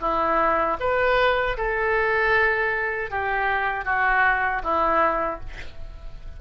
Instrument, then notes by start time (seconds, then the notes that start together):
oboe
0.00 E4
0.80 B4
1.57 A4
3.10 G4
3.85 F#4
4.63 E4